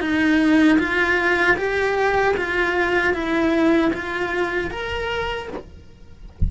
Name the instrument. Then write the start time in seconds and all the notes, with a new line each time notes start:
cello
0.00 D#4
0.79 F4
1.57 G4
2.36 F4
3.13 E4
3.93 F4
4.70 A#4